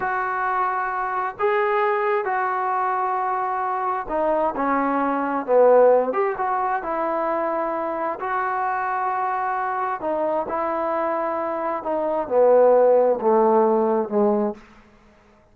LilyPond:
\new Staff \with { instrumentName = "trombone" } { \time 4/4 \tempo 4 = 132 fis'2. gis'4~ | gis'4 fis'2.~ | fis'4 dis'4 cis'2 | b4. g'8 fis'4 e'4~ |
e'2 fis'2~ | fis'2 dis'4 e'4~ | e'2 dis'4 b4~ | b4 a2 gis4 | }